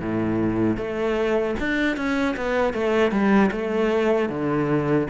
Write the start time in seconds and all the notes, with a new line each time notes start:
0.00 A2
0.77 A3
1.59 D4
1.96 C#4
2.36 B3
2.73 A3
3.11 G3
3.51 A3
4.29 D3